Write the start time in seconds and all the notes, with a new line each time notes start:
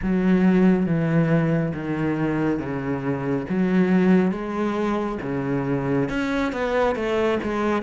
0.02 F#3
0.85 E3
1.74 D#3
2.59 C#3
3.49 F#3
4.31 G#3
5.22 C#3
6.09 C#4
6.52 B3
6.95 A3
7.43 G#3